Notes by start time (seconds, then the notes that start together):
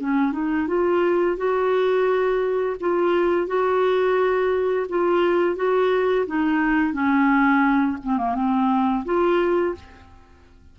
0.00 C#4
0.32 D#4
0.68 F4
1.37 F#4
2.80 F4
3.47 F#4
4.89 F4
5.56 F#4
6.27 D#4
6.93 C#4
8.04 C4
8.18 A#3
8.35 C4
9.05 F4